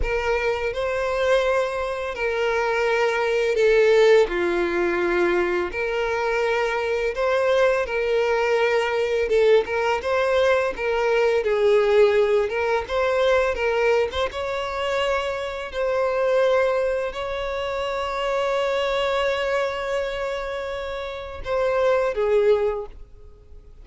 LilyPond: \new Staff \with { instrumentName = "violin" } { \time 4/4 \tempo 4 = 84 ais'4 c''2 ais'4~ | ais'4 a'4 f'2 | ais'2 c''4 ais'4~ | ais'4 a'8 ais'8 c''4 ais'4 |
gis'4. ais'8 c''4 ais'8. c''16 | cis''2 c''2 | cis''1~ | cis''2 c''4 gis'4 | }